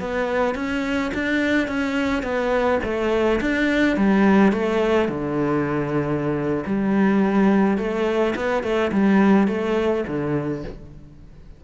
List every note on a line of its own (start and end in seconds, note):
0.00 0.55 B3
0.55 1.12 C#4
1.14 1.68 D4
1.68 2.23 C#4
2.23 2.80 B3
2.84 3.40 A3
3.41 3.97 D4
3.97 4.53 G3
4.53 5.09 A3
5.09 6.64 D3
6.66 7.78 G3
7.78 8.35 A3
8.36 8.63 B3
8.63 8.92 A3
8.93 9.48 G3
9.48 10.05 A3
10.08 10.64 D3